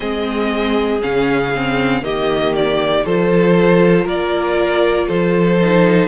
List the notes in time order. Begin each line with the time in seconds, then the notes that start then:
0.00 G#3 C4 G#4 D#5
1.01 C#3 C#4 F5
1.55 C4
2.02 D#3 A#3 G4 D#5
2.55 D5
3.05 F3 F4 A4 C5
4.04 A#3 A#4 D5
5.07 F3 A4 C5
5.61 D#4